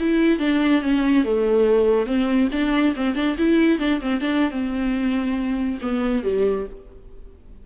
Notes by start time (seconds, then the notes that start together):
0.00 E4
0.39 D4
0.82 C#4
1.25 A3
2.06 C4
2.52 D4
2.96 C4
3.15 D4
3.38 E4
3.79 D4
4.01 C4
4.21 D4
4.51 C4
5.82 B3
6.24 G3